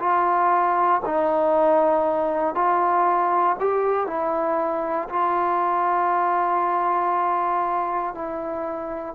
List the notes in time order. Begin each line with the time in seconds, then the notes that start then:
0.00 F4
1.05 D#4
2.55 F4
3.60 G4
4.07 E4
5.09 F4
8.14 E4